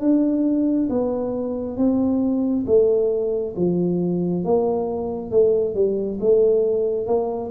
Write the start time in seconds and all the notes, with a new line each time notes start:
0.00 D4
0.89 B3
1.76 C4
2.66 A3
3.56 F3
4.44 A#3
5.31 A3
5.74 G3
6.20 A3
7.06 A#3